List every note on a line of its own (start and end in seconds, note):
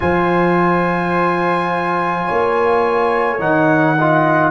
0.00 2.28 F3
0.00 3.38 F4
0.00 2.25 C5
0.00 3.40 G#5
2.25 3.39 A#3
2.25 3.95 C#5
3.39 4.50 D#3
3.39 3.96 D#4
3.39 4.50 F#5
3.97 4.50 F4
3.97 4.50 D#5